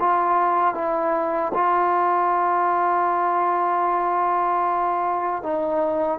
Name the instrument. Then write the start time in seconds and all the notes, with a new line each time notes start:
trombone
0.00 F4
0.75 E4
1.54 F4
5.43 D#4